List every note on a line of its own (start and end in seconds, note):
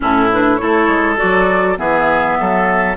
0.00 0.60 A2
0.00 0.30 C#4
0.00 0.61 E4
0.00 0.31 A4
0.32 0.58 D4
0.32 0.55 B4
0.55 1.16 E4
0.55 1.78 A4
0.55 1.15 C#5
0.62 0.87 A3
0.87 1.17 G#3
1.16 1.75 F#4
1.16 1.77 D5
1.23 1.78 F#3
1.77 2.38 E3
1.77 2.96 B3
1.77 2.38 G#4
1.77 2.97 E5
2.39 2.97 F#3
2.39 2.97 A4